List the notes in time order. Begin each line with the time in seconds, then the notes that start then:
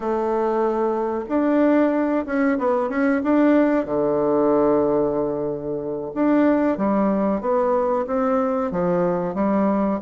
0.00 A3
1.28 D4
2.26 C#4
2.58 B3
2.89 C#4
3.23 D4
3.85 D3
6.14 D4
6.77 G3
7.40 B3
8.06 C4
8.71 F3
9.34 G3